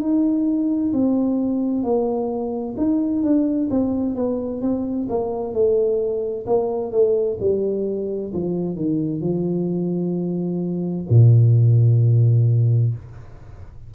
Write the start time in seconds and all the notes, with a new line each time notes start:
0.00 D#4
0.93 C4
1.83 A#3
2.77 D#4
3.23 D4
3.70 C4
4.15 B3
4.62 C4
5.09 A#3
5.53 A3
6.47 A#3
6.91 A3
7.40 G3
8.33 F3
8.76 D#3
9.21 F3
11.10 A#2